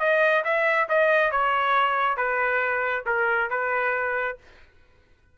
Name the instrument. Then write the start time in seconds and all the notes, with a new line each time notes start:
trumpet
0.00 D#5
0.45 E5
0.89 D#5
1.32 C#5
2.17 B4
3.06 A#4
3.50 B4